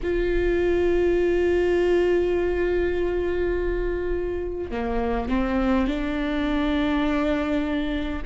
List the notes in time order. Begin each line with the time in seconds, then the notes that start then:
0.02 F4
4.71 A#3
5.28 C4
5.87 D4